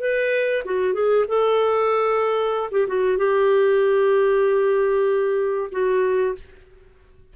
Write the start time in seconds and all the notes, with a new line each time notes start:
0.00 B4
0.65 F#4
0.94 G#4
1.28 A4
2.71 G4
2.88 F#4
3.18 G4
5.72 F#4